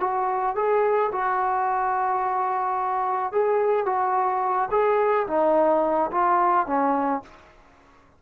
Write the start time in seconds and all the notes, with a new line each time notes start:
0.00 F#4
0.56 G#4
1.12 F#4
3.32 G#4
3.86 F#4
4.71 G#4
5.27 D#4
6.12 F4
6.67 C#4